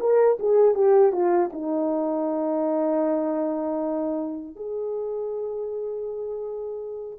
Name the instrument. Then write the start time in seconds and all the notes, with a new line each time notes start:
horn
0.00 A#4
0.40 G#4
0.75 G4
1.13 F4
1.53 D#4
4.56 G#4